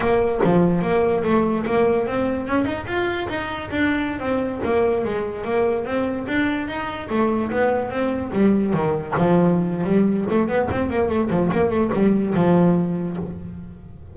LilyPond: \new Staff \with { instrumentName = "double bass" } { \time 4/4 \tempo 4 = 146 ais4 f4 ais4 a4 | ais4 c'4 cis'8 dis'8 f'4 | dis'4 d'4~ d'16 c'4 ais8.~ | ais16 gis4 ais4 c'4 d'8.~ |
d'16 dis'4 a4 b4 c'8.~ | c'16 g4 dis4 f4.~ f16 | g4 a8 b8 c'8 ais8 a8 f8 | ais8 a8 g4 f2 | }